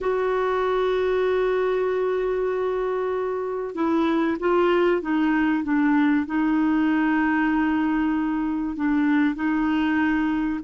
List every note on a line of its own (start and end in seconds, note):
0.00 3.74 F#4
3.74 4.37 E4
4.39 5.01 F4
5.01 5.63 D#4
5.63 6.26 D4
6.26 8.76 D#4
8.76 9.35 D4
9.35 10.60 D#4